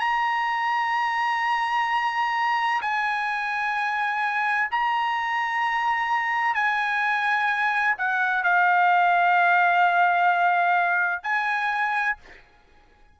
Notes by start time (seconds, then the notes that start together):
0.00 A#5
2.82 G#5
4.71 A#5
6.55 G#5
7.98 F#5
8.43 F5
11.23 G#5